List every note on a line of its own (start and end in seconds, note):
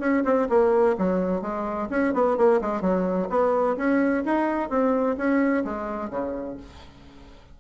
0.00 0.23 C#4
0.25 0.48 C4
0.49 0.96 A#3
0.98 1.42 F#3
1.42 1.89 G#3
1.90 2.14 C#4
2.14 2.37 B3
2.37 2.61 A#3
2.61 2.81 G#3
2.81 3.28 F#3
3.30 3.77 B3
3.77 4.24 C#4
4.25 4.70 D#4
4.70 5.17 C4
5.17 5.64 C#4
5.64 6.10 G#3
6.10 6.57 C#3